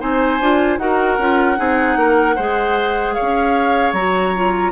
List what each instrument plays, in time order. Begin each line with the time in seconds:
0.00 bassoon C4, clarinet D#4, oboe C5, flute G#5
0.41 bassoon D4, clarinet F4
0.78 bassoon D#4, clarinet F#4, oboe A#4, flute F#5
1.18 bassoon C#4, clarinet F4
1.57 bassoon C4, clarinet D#4, oboe G#4
1.97 bassoon A#3, oboe A#4
2.36 bassoon G#3, clarinet G#4, oboe C5
3.14 oboe C#5, flute F5
3.22 bassoon C#4
3.93 bassoon F#3, clarinet F#4, flute A#5
4.36 clarinet F4